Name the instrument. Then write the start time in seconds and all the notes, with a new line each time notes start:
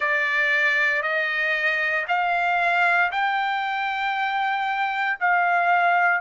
trumpet
0.00 D5
1.02 D#5
2.07 F5
3.11 G5
5.20 F5